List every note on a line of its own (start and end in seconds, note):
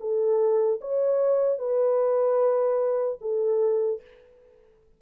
0.00 0.80 A4
0.81 1.59 C#5
1.59 3.19 B4
3.21 4.01 A4